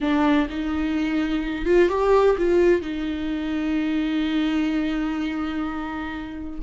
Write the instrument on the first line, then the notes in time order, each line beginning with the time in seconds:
viola
0.00 D4
0.49 D#4
1.65 F4
1.89 G4
2.38 F4
2.81 D#4